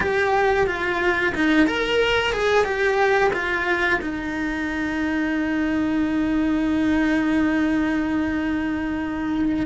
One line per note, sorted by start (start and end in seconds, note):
0.00 0.66 G4
0.66 1.33 F4
1.35 1.66 D#4
1.66 2.32 A#4
2.32 2.64 G#4
2.64 3.31 G4
3.33 3.99 F4
4.01 9.66 D#4